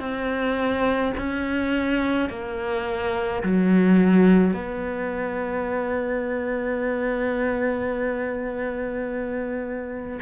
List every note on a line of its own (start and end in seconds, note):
0.00 1.13 C4
1.18 2.30 C#4
2.30 3.43 A#3
3.43 4.54 F#3
4.54 10.20 B3